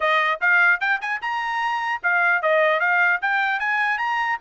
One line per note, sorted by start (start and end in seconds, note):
0.00 0.40 D#5
0.40 0.80 F5
0.80 1.00 G5
1.01 1.21 G#5
1.21 2.01 A#5
2.02 2.41 F5
2.41 2.80 D#5
2.80 3.20 F5
3.21 3.59 G5
3.59 3.97 G#5
3.97 4.37 A#5